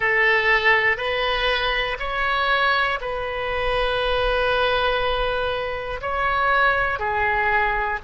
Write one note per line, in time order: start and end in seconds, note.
0.00 0.97 A4
0.97 1.97 B4
1.99 2.99 C#5
3.00 6.00 B4
6.00 6.99 C#5
6.99 7.99 G#4